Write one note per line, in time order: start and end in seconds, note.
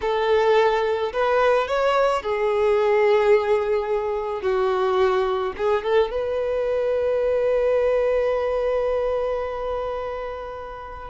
0.01 1.12 A4
1.12 1.67 B4
1.67 2.22 C#5
2.22 4.42 G#4
4.42 5.53 F#4
5.57 5.83 G#4
5.83 6.10 A4
6.10 11.10 B4